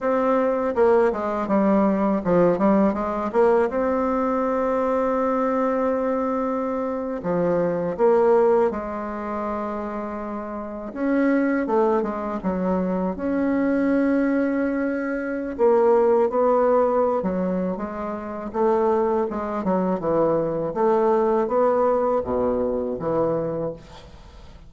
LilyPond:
\new Staff \with { instrumentName = "bassoon" } { \time 4/4 \tempo 4 = 81 c'4 ais8 gis8 g4 f8 g8 | gis8 ais8 c'2.~ | c'4.~ c'16 f4 ais4 gis16~ | gis2~ gis8. cis'4 a16~ |
a16 gis8 fis4 cis'2~ cis'16~ | cis'4 ais4 b4~ b16 fis8. | gis4 a4 gis8 fis8 e4 | a4 b4 b,4 e4 | }